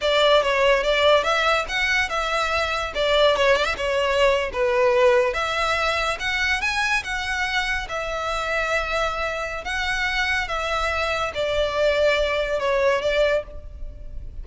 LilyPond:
\new Staff \with { instrumentName = "violin" } { \time 4/4 \tempo 4 = 143 d''4 cis''4 d''4 e''4 | fis''4 e''2 d''4 | cis''8 d''16 e''16 cis''4.~ cis''16 b'4~ b'16~ | b'8. e''2 fis''4 gis''16~ |
gis''8. fis''2 e''4~ e''16~ | e''2. fis''4~ | fis''4 e''2 d''4~ | d''2 cis''4 d''4 | }